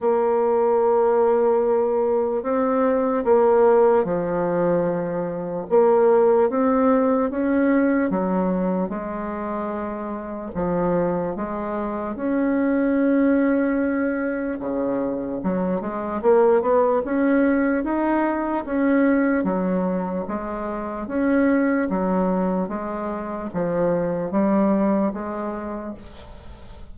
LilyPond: \new Staff \with { instrumentName = "bassoon" } { \time 4/4 \tempo 4 = 74 ais2. c'4 | ais4 f2 ais4 | c'4 cis'4 fis4 gis4~ | gis4 f4 gis4 cis'4~ |
cis'2 cis4 fis8 gis8 | ais8 b8 cis'4 dis'4 cis'4 | fis4 gis4 cis'4 fis4 | gis4 f4 g4 gis4 | }